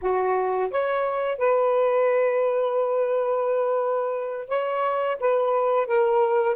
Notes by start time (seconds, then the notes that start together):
0.01 F#4
0.71 C#5
1.38 B4
4.48 C#5
5.19 B4
5.87 A#4